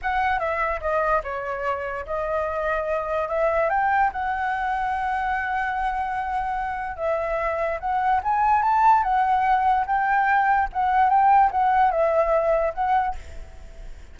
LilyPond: \new Staff \with { instrumentName = "flute" } { \time 4/4 \tempo 4 = 146 fis''4 e''4 dis''4 cis''4~ | cis''4 dis''2. | e''4 g''4 fis''2~ | fis''1~ |
fis''4 e''2 fis''4 | gis''4 a''4 fis''2 | g''2 fis''4 g''4 | fis''4 e''2 fis''4 | }